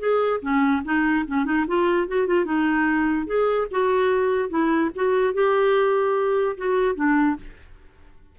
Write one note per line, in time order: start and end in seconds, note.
0.00 0.41 G#4
0.42 0.83 C#4
0.85 1.26 D#4
1.28 1.46 C#4
1.46 1.66 D#4
1.68 2.08 F4
2.08 2.27 F#4
2.27 2.46 F4
2.46 3.27 D#4
3.27 3.68 G#4
3.72 4.50 F#4
4.50 4.91 E4
4.96 5.34 F#4
5.34 6.57 G4
6.58 6.96 F#4
6.96 7.37 D4